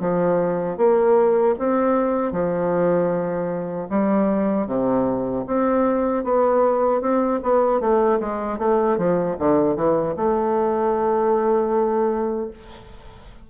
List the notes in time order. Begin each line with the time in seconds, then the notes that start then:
0.00 F3
0.77 A#3
1.59 C4
2.32 F3
3.89 G3
4.67 C3
5.47 C4
6.24 B3
7.01 C4
7.43 B3
7.80 A3
8.20 G#3
8.58 A3
8.97 F3
9.39 D3
9.76 E3
10.16 A3